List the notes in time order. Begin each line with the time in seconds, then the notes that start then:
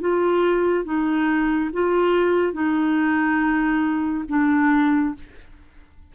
0.00 F4
0.85 D#4
1.73 F4
2.53 D#4
4.29 D4